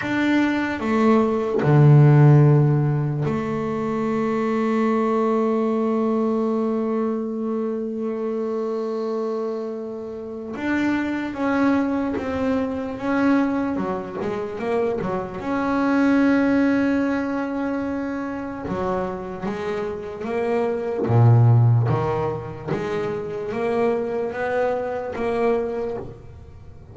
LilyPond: \new Staff \with { instrumentName = "double bass" } { \time 4/4 \tempo 4 = 74 d'4 a4 d2 | a1~ | a1~ | a4 d'4 cis'4 c'4 |
cis'4 fis8 gis8 ais8 fis8 cis'4~ | cis'2. fis4 | gis4 ais4 ais,4 dis4 | gis4 ais4 b4 ais4 | }